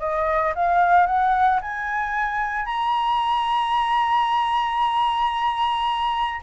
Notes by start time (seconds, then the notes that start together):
0.00 D#5
0.56 F5
1.07 F#5
1.62 G#5
2.66 A#5